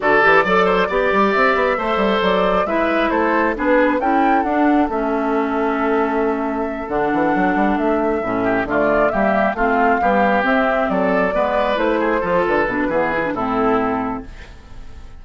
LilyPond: <<
  \new Staff \with { instrumentName = "flute" } { \time 4/4 \tempo 4 = 135 d''2. e''4~ | e''4 d''4 e''4 c''4 | b'4 g''4 fis''4 e''4~ | e''2.~ e''8 fis''8~ |
fis''4. e''2 d''8~ | d''8 e''4 f''2 e''8~ | e''8 d''2 c''4. | b'2 a'2 | }
  \new Staff \with { instrumentName = "oboe" } { \time 4/4 a'4 d''8 c''8 d''2 | c''2 b'4 a'4 | gis'4 a'2.~ | a'1~ |
a'2. g'8 f'8~ | f'8 g'4 f'4 g'4.~ | g'8 a'4 b'4. gis'8 a'8~ | a'4 gis'4 e'2 | }
  \new Staff \with { instrumentName = "clarinet" } { \time 4/4 fis'8 g'8 a'4 g'2 | a'2 e'2 | d'4 e'4 d'4 cis'4~ | cis'2.~ cis'8 d'8~ |
d'2~ d'8 cis'4 a8~ | a8 ais4 c'4 g4 c'8~ | c'4. b4 e'4 f'8~ | f'8 d'8 b8 e'16 d'16 c'2 | }
  \new Staff \with { instrumentName = "bassoon" } { \time 4/4 d8 e8 fis4 b8 g8 c'8 b8 | a8 g8 fis4 gis4 a4 | b4 cis'4 d'4 a4~ | a2.~ a8 d8 |
e8 fis8 g8 a4 a,4 d8~ | d8 g4 a4 b4 c'8~ | c'8 fis4 gis4 a4 f8 | d8 b,8 e4 a,2 | }
>>